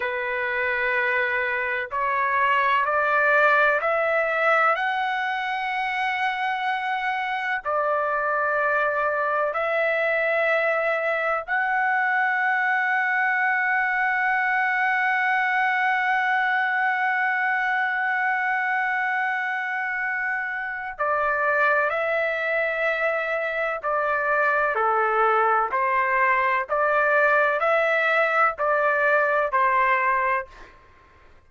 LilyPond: \new Staff \with { instrumentName = "trumpet" } { \time 4/4 \tempo 4 = 63 b'2 cis''4 d''4 | e''4 fis''2. | d''2 e''2 | fis''1~ |
fis''1~ | fis''2 d''4 e''4~ | e''4 d''4 a'4 c''4 | d''4 e''4 d''4 c''4 | }